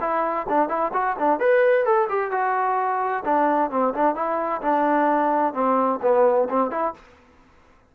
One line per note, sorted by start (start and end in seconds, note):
0.00 0.46 E4
0.48 0.68 D4
0.68 0.91 E4
0.93 1.16 F#4
1.19 1.39 D4
1.39 1.85 B4
1.85 2.08 A4
2.09 2.31 G4
2.31 3.23 F#4
3.25 3.70 D4
3.70 3.93 C4
3.94 4.15 D4
4.15 4.61 E4
4.61 5.53 D4
5.53 5.99 C4
6.02 6.48 B3
6.49 6.70 C4
6.70 6.93 E4